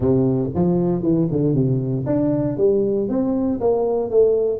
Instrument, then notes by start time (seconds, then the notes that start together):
tuba
0.00 C3
0.54 F3
1.02 E3
1.31 D3
1.54 C3
2.06 D4
2.57 G3
3.08 C4
3.60 A#3
4.10 A3